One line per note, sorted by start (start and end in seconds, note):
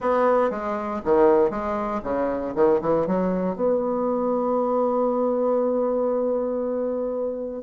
0.00 0.50 B3
0.50 1.01 G#3
1.04 1.50 D#3
1.50 2.01 G#3
2.03 2.54 C#3
2.55 2.80 D#3
2.81 3.06 E3
3.06 3.55 F#3
3.55 7.62 B3